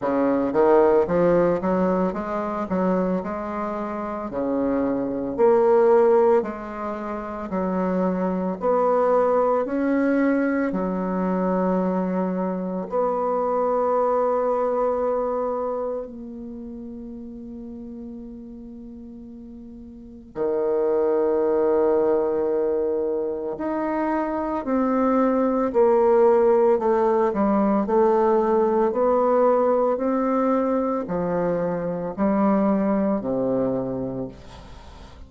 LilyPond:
\new Staff \with { instrumentName = "bassoon" } { \time 4/4 \tempo 4 = 56 cis8 dis8 f8 fis8 gis8 fis8 gis4 | cis4 ais4 gis4 fis4 | b4 cis'4 fis2 | b2. ais4~ |
ais2. dis4~ | dis2 dis'4 c'4 | ais4 a8 g8 a4 b4 | c'4 f4 g4 c4 | }